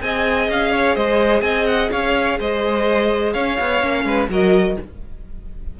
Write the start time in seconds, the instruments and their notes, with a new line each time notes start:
0.00 cello C4, viola G#4, violin D#5 G#5
0.49 cello C#4, violin F5
0.72 violin C#5
0.95 cello G#3, violin C5 D#5
1.41 cello C4, violin D#5 G#5
1.66 violin F#5
1.91 cello C#4, violin C#5 F5
2.39 cello G#3, violin C5 D#5
3.33 cello C#4, violin C#5 F5
3.59 cello B3
3.81 cello A#3, viola C#4
4.04 cello G#3, violin B4
4.29 cello F#3, viola F#4, violin A#4 D#5